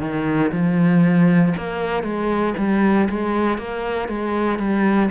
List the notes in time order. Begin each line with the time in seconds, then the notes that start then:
0.00 D#3
0.52 F3
1.57 A#3
2.03 G#3
2.57 G3
3.09 G#3
3.58 A#3
4.09 G#3
4.59 G3